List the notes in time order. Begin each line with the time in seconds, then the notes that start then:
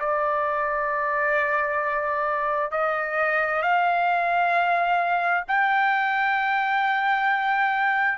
0.00 D5
2.72 D#5
3.62 F5
5.48 G5